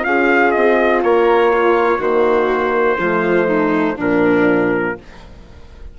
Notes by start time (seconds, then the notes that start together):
0.00 C#4 F4 G#4 F5
0.51 C4 D#5
1.03 A#3 A#4 C#5
1.52 F4
1.98 D#3 A#3 F#4 C5
2.99 F3 A3 F4
3.47 D#4
3.95 A#2 F3 D4 A#4